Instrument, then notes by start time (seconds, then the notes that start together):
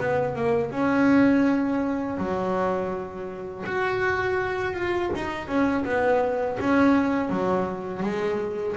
double bass
0.00 B3
0.36 A#3
0.72 C#4
2.18 F#3
3.66 F#4
4.74 F4
5.16 D#4
5.48 C#4
5.85 B3
6.61 C#4
7.30 F#3
8.03 G#3